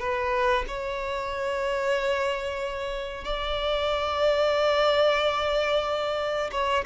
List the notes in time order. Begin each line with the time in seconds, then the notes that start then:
0.00 B4
0.68 C#5
3.25 D5
6.52 C#5